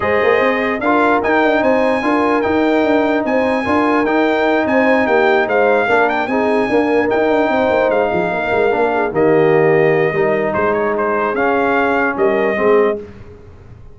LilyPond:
<<
  \new Staff \with { instrumentName = "trumpet" } { \time 4/4 \tempo 4 = 148 dis''2 f''4 g''4 | gis''2 g''2 | gis''2 g''4. gis''8~ | gis''8 g''4 f''4. g''8 gis''8~ |
gis''4. g''2 f''8~ | f''2~ f''8 dis''4.~ | dis''2 c''8 cis''8 c''4 | f''2 dis''2 | }
  \new Staff \with { instrumentName = "horn" } { \time 4/4 c''2 ais'2 | c''4 ais'2. | c''4 ais'2~ ais'8 c''8~ | c''8 g'4 c''4 ais'4 gis'8~ |
gis'8 ais'2 c''4. | gis'8 ais'4. gis'8 g'4.~ | g'4 ais'4 gis'2~ | gis'2 ais'4 gis'4 | }
  \new Staff \with { instrumentName = "trombone" } { \time 4/4 gis'2 f'4 dis'4~ | dis'4 f'4 dis'2~ | dis'4 f'4 dis'2~ | dis'2~ dis'8 d'4 dis'8~ |
dis'8 ais4 dis'2~ dis'8~ | dis'4. d'4 ais4.~ | ais4 dis'2. | cis'2. c'4 | }
  \new Staff \with { instrumentName = "tuba" } { \time 4/4 gis8 ais8 c'4 d'4 dis'8 d'8 | c'4 d'4 dis'4 d'4 | c'4 d'4 dis'4. c'8~ | c'8 ais4 gis4 ais4 c'8~ |
c'8 d'4 dis'8 d'8 c'8 ais8 gis8 | f8 ais8 gis8 ais4 dis4.~ | dis4 g4 gis2 | cis'2 g4 gis4 | }
>>